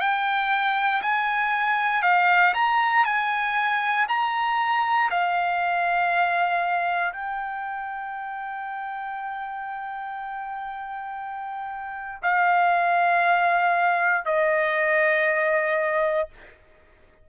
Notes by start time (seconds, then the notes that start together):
0.00 G5
1.02 G#5
2.03 F5
2.54 A#5
3.05 G#5
4.09 A#5
5.10 F5
7.13 G5
12.23 F5
14.26 D#5